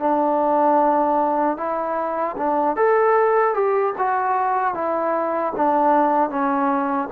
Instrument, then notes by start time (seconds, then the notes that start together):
trombone
0.00 D4
1.58 E4
2.38 D4
2.77 A4
3.55 G4
3.99 F#4
4.75 E4
5.57 D4
6.31 C#4